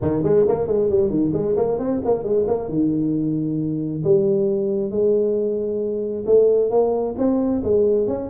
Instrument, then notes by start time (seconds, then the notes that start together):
tuba
0.01 D#3
0.23 G#3
0.47 A#3
0.67 G#3
0.89 G3
1.10 D#3
1.33 G#3
1.56 A#3
1.78 C4
2.05 A#3
2.23 G#3
2.47 A#3
2.68 D#3
4.04 G3
4.91 G#3
6.26 A3
6.70 A#3
7.17 C4
7.63 G#3
8.07 C#4